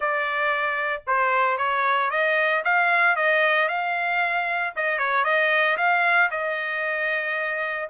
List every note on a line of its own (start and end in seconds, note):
0.00 1.02 D5
1.06 1.57 C5
1.57 2.10 C#5
2.10 2.63 D#5
2.64 3.16 F5
3.16 3.68 D#5
3.68 4.73 F5
4.75 4.98 D#5
4.98 5.24 C#5
5.24 5.77 D#5
5.77 6.29 F5
6.30 7.88 D#5